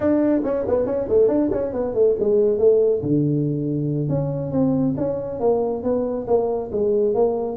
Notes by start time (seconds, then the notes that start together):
0.00 D4
0.43 C#4
0.67 B3
0.86 C#4
1.08 A3
1.28 D4
1.51 C#4
1.72 B3
1.94 A3
2.19 G#3
2.58 A3
3.02 D3
4.08 C#4
4.51 C4
4.97 C#4
5.40 A#3
5.83 B3
6.27 A#3
6.71 G#3
7.14 A#3